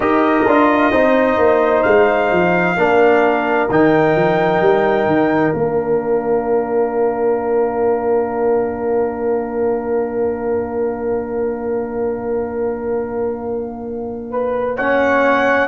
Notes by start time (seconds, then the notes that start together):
0.00 D#4 G4 A#4 D#5
0.46 D4 F4
0.91 C4 D#4 C5
1.37 A#3
1.82 G#3 F5
2.31 F3
2.76 A#3 D4 A#4
3.70 D#3 D#4 G5
4.15 F3
4.60 G3
5.06 D#3
5.54 A#3 D4 F5
14.30 B4
14.76 C#4 C#5 F#5